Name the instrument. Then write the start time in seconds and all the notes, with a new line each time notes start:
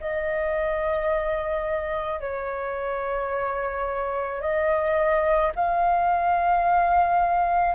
flute
0.00 D#5
2.20 C#5
4.41 D#5
5.55 F5